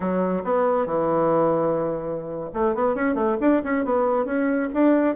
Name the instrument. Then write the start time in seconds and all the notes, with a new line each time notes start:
bassoon
0.00 F#3
0.44 B3
0.85 E3
2.53 A3
2.74 B3
2.95 C#4
3.15 A3
3.40 D4
3.63 C#4
3.84 B3
4.25 C#4
4.73 D4